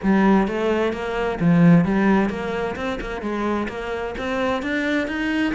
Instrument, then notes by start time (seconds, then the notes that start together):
cello
0.02 G3
0.47 A3
0.92 A#3
1.40 F3
1.84 G3
2.29 A#3
2.76 C4
3.00 A#3
3.21 G#3
3.68 A#3
4.18 C4
4.62 D4
5.07 D#4